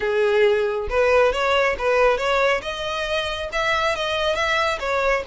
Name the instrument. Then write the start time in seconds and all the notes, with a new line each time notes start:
violin
0.00 G#4
0.89 B4
1.32 C#5
1.78 B4
2.17 C#5
2.62 D#5
3.52 E5
3.95 D#5
4.35 E5
4.79 C#5